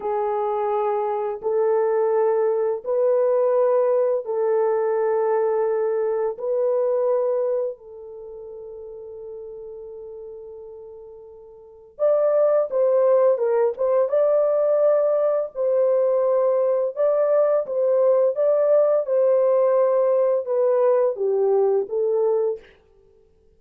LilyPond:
\new Staff \with { instrumentName = "horn" } { \time 4/4 \tempo 4 = 85 gis'2 a'2 | b'2 a'2~ | a'4 b'2 a'4~ | a'1~ |
a'4 d''4 c''4 ais'8 c''8 | d''2 c''2 | d''4 c''4 d''4 c''4~ | c''4 b'4 g'4 a'4 | }